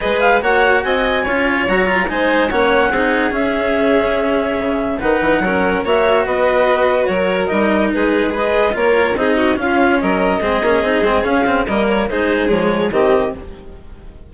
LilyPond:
<<
  \new Staff \with { instrumentName = "clarinet" } { \time 4/4 \tempo 4 = 144 dis''8 f''8 fis''4 gis''2 | ais''4 gis''4 fis''2 | e''1 | fis''2 e''4 dis''4~ |
dis''4 cis''4 dis''4 b'4 | dis''4 cis''4 dis''4 f''4 | dis''2. f''4 | dis''8 cis''8 c''4 cis''4 dis''4 | }
  \new Staff \with { instrumentName = "violin" } { \time 4/4 b'4 cis''4 dis''4 cis''4~ | cis''4 c''4 cis''4 gis'4~ | gis'1 | b'4 ais'4 cis''4 b'4~ |
b'4 ais'2 gis'4 | b'4 ais'4 gis'8 fis'8 f'4 | ais'4 gis'2. | ais'4 gis'2 g'4 | }
  \new Staff \with { instrumentName = "cello" } { \time 4/4 gis'4 fis'2 f'4 | fis'8 f'8 dis'4 cis'4 dis'4 | cis'1 | dis'4 cis'4 fis'2~ |
fis'2 dis'2 | gis'4 f'4 dis'4 cis'4~ | cis'4 c'8 cis'8 dis'8 c'8 cis'8 c'8 | ais4 dis'4 gis4 c'4 | }
  \new Staff \with { instrumentName = "bassoon" } { \time 4/4 gis4 ais4 c'4 cis'4 | fis4 gis4 ais4 c'4 | cis'2. cis4 | dis8 e8 fis4 ais4 b4~ |
b4 fis4 g4 gis4~ | gis4 ais4 c'4 cis'4 | fis4 gis8 ais8 c'8 gis8 cis'4 | g4 gis4 f4 dis4 | }
>>